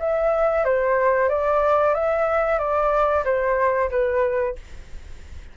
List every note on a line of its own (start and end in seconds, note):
0.00 0.65 E5
0.65 1.30 C5
1.30 1.95 D5
1.95 2.59 E5
2.59 3.24 D5
3.25 3.90 C5
3.91 4.56 B4